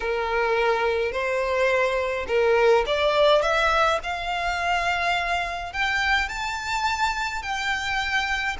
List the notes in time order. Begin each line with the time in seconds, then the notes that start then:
0.00 A#4
1.11 C5
2.27 A#4
2.86 D5
3.42 E5
4.03 F5
5.72 G5
6.28 A5
7.42 G5